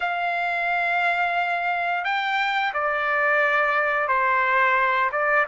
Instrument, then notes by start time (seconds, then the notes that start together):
trumpet
0.00 F5
2.04 G5
2.73 D5
4.08 C5
5.12 D5